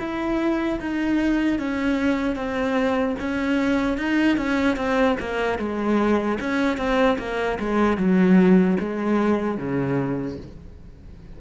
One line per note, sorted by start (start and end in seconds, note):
0.00 0.80 E4
0.80 1.59 D#4
1.59 2.36 C#4
2.36 3.16 C4
3.19 3.98 C#4
3.98 4.37 D#4
4.37 4.76 C#4
4.76 5.16 C4
5.20 5.59 A#3
5.59 6.39 G#3
6.40 6.77 C#4
6.77 7.17 C4
7.19 7.59 A#3
7.59 7.97 G#3
7.97 8.77 F#3
8.80 9.58 G#3
9.58 10.38 C#3